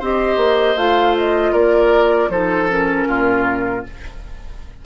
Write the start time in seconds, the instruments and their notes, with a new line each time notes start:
0.00 bassoon C4, clarinet G4, oboe C5, flute D#5
0.37 bassoon A#3
0.76 bassoon A3, clarinet F4, flute F5
1.18 flute D#5
1.53 bassoon A#3, oboe A#4, flute D5
2.29 bassoon F3, clarinet D#4, oboe A4, flute C5
2.69 clarinet C#4, flute A#4
3.08 bassoon A#2, oboe F4